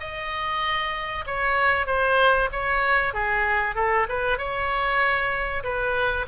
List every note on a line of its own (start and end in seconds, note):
0.00 1.25 D#5
1.27 1.87 C#5
1.87 2.49 C5
2.52 3.14 C#5
3.14 3.76 G#4
3.76 4.07 A4
4.09 4.38 B4
4.38 5.63 C#5
5.64 6.26 B4